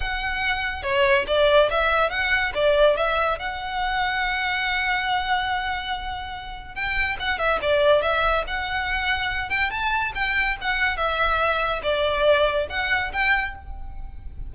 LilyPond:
\new Staff \with { instrumentName = "violin" } { \time 4/4 \tempo 4 = 142 fis''2 cis''4 d''4 | e''4 fis''4 d''4 e''4 | fis''1~ | fis''1 |
g''4 fis''8 e''8 d''4 e''4 | fis''2~ fis''8 g''8 a''4 | g''4 fis''4 e''2 | d''2 fis''4 g''4 | }